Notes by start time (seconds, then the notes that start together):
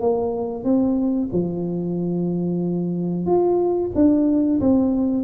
0.00 A#3
0.63 C4
1.32 F3
3.26 F4
3.95 D4
4.60 C4